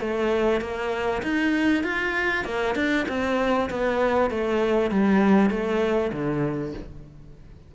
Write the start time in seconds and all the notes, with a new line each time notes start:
0.00 A3
0.61 A#3
1.22 D#4
1.84 F4
2.45 A#3
2.75 D4
3.08 C4
3.70 B3
4.30 A3
4.91 G3
5.50 A3
6.12 D3